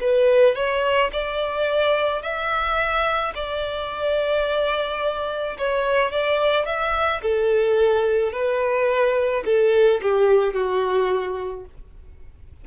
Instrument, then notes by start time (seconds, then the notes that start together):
violin
0.00 B4
0.55 C#5
1.12 D5
2.22 E5
3.35 D5
5.58 C#5
6.11 D5
6.65 E5
7.22 A4
8.32 B4
9.45 A4
10.02 G4
10.54 F#4